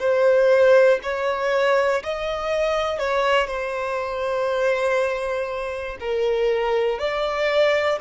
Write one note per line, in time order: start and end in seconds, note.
0.00 1.00 C5
1.03 2.03 C#5
2.03 2.99 D#5
2.99 3.47 C#5
3.47 5.97 C5
6.00 6.99 A#4
6.99 7.99 D5